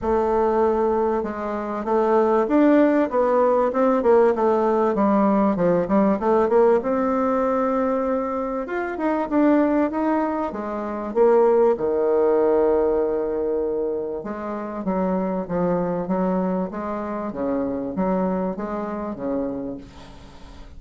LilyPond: \new Staff \with { instrumentName = "bassoon" } { \time 4/4 \tempo 4 = 97 a2 gis4 a4 | d'4 b4 c'8 ais8 a4 | g4 f8 g8 a8 ais8 c'4~ | c'2 f'8 dis'8 d'4 |
dis'4 gis4 ais4 dis4~ | dis2. gis4 | fis4 f4 fis4 gis4 | cis4 fis4 gis4 cis4 | }